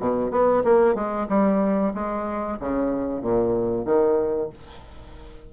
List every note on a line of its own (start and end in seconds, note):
0.00 0.31 B2
0.31 0.64 B3
0.64 0.95 A#3
0.95 1.27 G#3
1.29 1.94 G3
1.94 2.59 G#3
2.60 3.22 C#3
3.22 3.85 A#2
3.85 4.50 D#3